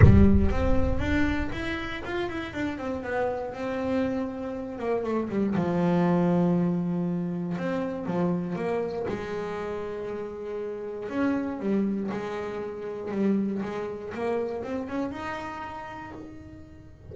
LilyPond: \new Staff \with { instrumentName = "double bass" } { \time 4/4 \tempo 4 = 119 g4 c'4 d'4 e'4 | f'8 e'8 d'8 c'8 b4 c'4~ | c'4. ais8 a8 g8 f4~ | f2. c'4 |
f4 ais4 gis2~ | gis2 cis'4 g4 | gis2 g4 gis4 | ais4 c'8 cis'8 dis'2 | }